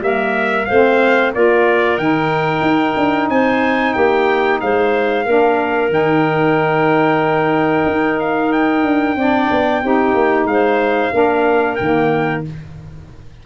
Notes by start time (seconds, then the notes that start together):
0.00 G3 A#3 A#4 E5
0.65 A3 C4 C5 F5
1.34 A#3 F4 A#4 D5
1.97 D#3 D#4 G5
2.61 D#4
2.96 D4
3.29 C4 C5 G#5
3.93 A#3 G4 G5
4.60 G#3 C5 F5
5.25 A#3 D4 A#4
5.89 D#3 D#4 G5
7.86 D#4
8.19 F5
8.52 G5
8.84 D4
9.16 C4 D4 D5
9.50 B3
9.82 C4 D#4 G4
10.14 A#3
10.44 G#3 C5 F5
11.12 A#3 D4 A#4
11.75 D#3 A#3 G5